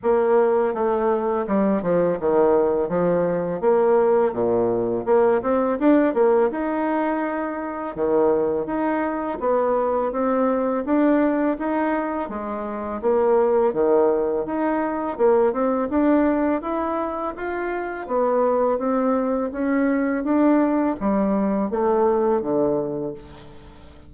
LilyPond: \new Staff \with { instrumentName = "bassoon" } { \time 4/4 \tempo 4 = 83 ais4 a4 g8 f8 dis4 | f4 ais4 ais,4 ais8 c'8 | d'8 ais8 dis'2 dis4 | dis'4 b4 c'4 d'4 |
dis'4 gis4 ais4 dis4 | dis'4 ais8 c'8 d'4 e'4 | f'4 b4 c'4 cis'4 | d'4 g4 a4 d4 | }